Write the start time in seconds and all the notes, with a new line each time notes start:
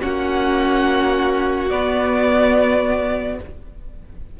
0.00 A#3 C#4 F#4 F#5
1.70 B3 D5